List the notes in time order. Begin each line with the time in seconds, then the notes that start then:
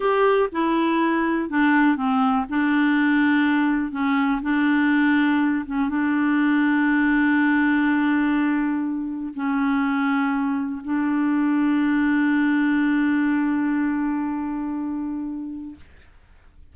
0.00 G4
0.52 E4
1.49 D4
1.96 C4
2.49 D4
3.91 C#4
4.42 D4
5.66 C#4
5.89 D4
9.34 C#4
10.84 D4